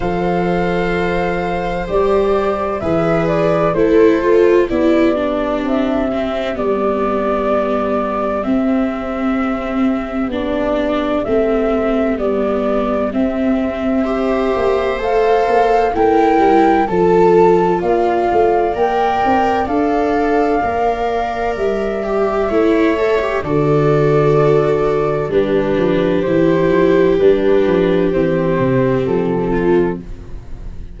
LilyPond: <<
  \new Staff \with { instrumentName = "flute" } { \time 4/4 \tempo 4 = 64 f''2 d''4 e''8 d''8 | c''4 d''4 e''4 d''4~ | d''4 e''2 d''4 | e''4 d''4 e''2 |
f''4 g''4 a''4 f''4 | g''4 f''2 e''4~ | e''4 d''2 b'4 | c''4 b'4 c''4 a'4 | }
  \new Staff \with { instrumentName = "viola" } { \time 4/4 c''2. b'4 | a'4 g'2.~ | g'1~ | g'2. c''4~ |
c''4 ais'4 a'4 d''4~ | d''1 | cis''4 a'2 g'4~ | g'2.~ g'8 f'8 | }
  \new Staff \with { instrumentName = "viola" } { \time 4/4 a'2 g'4 gis'4 | e'8 f'8 e'8 d'4 c'8 b4~ | b4 c'2 d'4 | c'4 b4 c'4 g'4 |
a'4 e'4 f'2 | ais'4 a'4 ais'4. g'8 | e'8 a'16 g'16 fis'2 d'4 | e'4 d'4 c'2 | }
  \new Staff \with { instrumentName = "tuba" } { \time 4/4 f2 g4 e4 | a4 b4 c'4 g4~ | g4 c'2 b4 | a4 g4 c'4. ais8 |
a8 ais8 a8 g8 f4 ais8 a8 | ais8 c'8 d'4 ais4 g4 | a4 d2 g8 f8 | e8 f8 g8 f8 e8 c8 f4 | }
>>